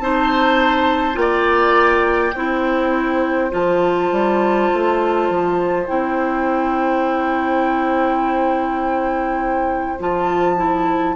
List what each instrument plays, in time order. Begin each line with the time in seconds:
0.00 bassoon C4, clarinet D#4, oboe C5, flute A5
1.14 bassoon A#3, clarinet F4, oboe D5, flute G5
2.35 bassoon C4, clarinet E4, oboe C5
3.51 bassoon F3, clarinet F4, flute A5
4.12 bassoon G3
4.74 bassoon A3
5.30 bassoon F3
5.88 bassoon C4, clarinet E4, flute G5
10.00 bassoon F3, clarinet F4, flute A5
10.57 clarinet E4